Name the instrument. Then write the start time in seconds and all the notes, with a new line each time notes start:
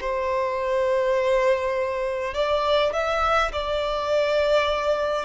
violin
0.00 C5
2.34 D5
2.93 E5
3.52 D5